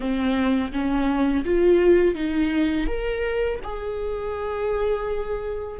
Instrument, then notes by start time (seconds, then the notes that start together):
viola
0.00 C4
0.72 C#4
1.45 F4
2.15 D#4
2.87 A#4
3.63 G#4